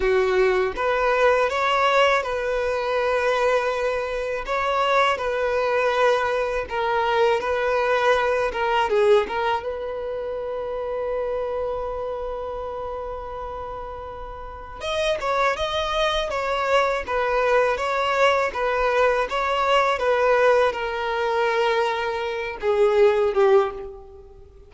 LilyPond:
\new Staff \with { instrumentName = "violin" } { \time 4/4 \tempo 4 = 81 fis'4 b'4 cis''4 b'4~ | b'2 cis''4 b'4~ | b'4 ais'4 b'4. ais'8 | gis'8 ais'8 b'2.~ |
b'1 | dis''8 cis''8 dis''4 cis''4 b'4 | cis''4 b'4 cis''4 b'4 | ais'2~ ais'8 gis'4 g'8 | }